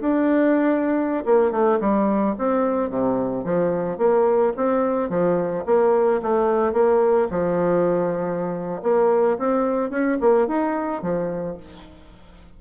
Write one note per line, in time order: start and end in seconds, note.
0.00 1.24 D4
1.25 1.51 A#3
1.51 1.79 A3
1.80 2.35 G3
2.38 2.89 C4
2.89 3.44 C3
3.44 3.98 F3
3.98 4.53 A#3
4.56 5.09 C4
5.09 5.64 F3
5.65 6.21 A#3
6.22 6.72 A3
6.72 7.27 A#3
7.30 8.81 F3
8.82 9.37 A#3
9.38 9.90 C4
9.90 10.17 C#4
10.20 10.47 A#3
10.47 11.02 D#4
11.02 11.57 F3